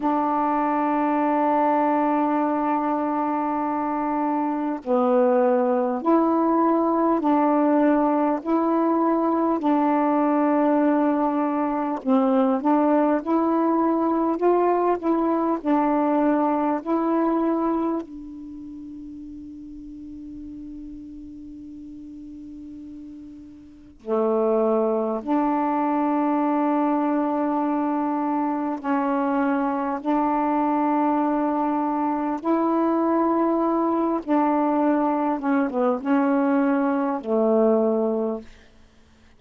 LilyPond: \new Staff \with { instrumentName = "saxophone" } { \time 4/4 \tempo 4 = 50 d'1 | b4 e'4 d'4 e'4 | d'2 c'8 d'8 e'4 | f'8 e'8 d'4 e'4 d'4~ |
d'1 | a4 d'2. | cis'4 d'2 e'4~ | e'8 d'4 cis'16 b16 cis'4 a4 | }